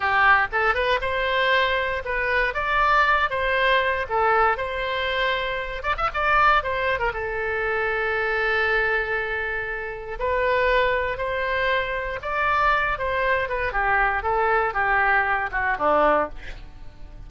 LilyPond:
\new Staff \with { instrumentName = "oboe" } { \time 4/4 \tempo 4 = 118 g'4 a'8 b'8 c''2 | b'4 d''4. c''4. | a'4 c''2~ c''8 d''16 e''16 | d''4 c''8. ais'16 a'2~ |
a'1 | b'2 c''2 | d''4. c''4 b'8 g'4 | a'4 g'4. fis'8 d'4 | }